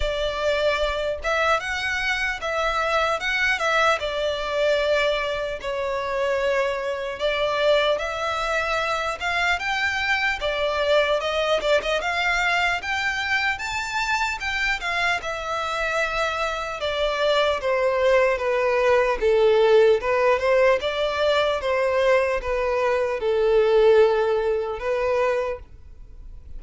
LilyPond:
\new Staff \with { instrumentName = "violin" } { \time 4/4 \tempo 4 = 75 d''4. e''8 fis''4 e''4 | fis''8 e''8 d''2 cis''4~ | cis''4 d''4 e''4. f''8 | g''4 d''4 dis''8 d''16 dis''16 f''4 |
g''4 a''4 g''8 f''8 e''4~ | e''4 d''4 c''4 b'4 | a'4 b'8 c''8 d''4 c''4 | b'4 a'2 b'4 | }